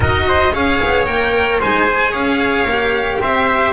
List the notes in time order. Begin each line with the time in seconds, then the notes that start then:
0.00 D#4 F#4 A#4 D#5
0.28 C5
0.52 C#4 G#4 C#5 F5
0.83 B3
1.06 A#3 A#4 G5
1.59 G#3 D#4 C5 G#5
1.86 G#4
2.11 C#4 C#5 F5
2.64 A#3 G4
3.21 C4 C5 E5